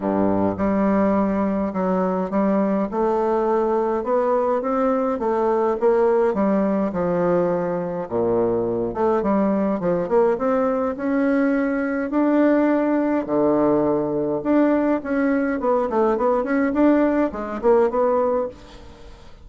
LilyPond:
\new Staff \with { instrumentName = "bassoon" } { \time 4/4 \tempo 4 = 104 g,4 g2 fis4 | g4 a2 b4 | c'4 a4 ais4 g4 | f2 ais,4. a8 |
g4 f8 ais8 c'4 cis'4~ | cis'4 d'2 d4~ | d4 d'4 cis'4 b8 a8 | b8 cis'8 d'4 gis8 ais8 b4 | }